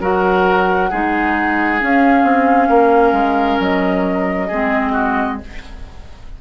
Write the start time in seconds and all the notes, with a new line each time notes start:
0.00 F#3 F#4 A#4 F#5
0.89 G#3 D#4 G#4
1.80 C#4 F5
2.23 C4
2.69 A#3 A#4
3.12 G#3
3.59 F#3 D#5
4.47 G#3 C4 G#4
4.92 F#4